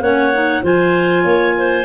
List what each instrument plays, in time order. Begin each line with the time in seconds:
0.00 tuba A#3, clarinet C#4 C#5 F#5
0.33 clarinet D#4
0.62 tuba F3, clarinet F4 C5 G#5
1.24 tuba A#3, clarinet C#5
1.58 clarinet C5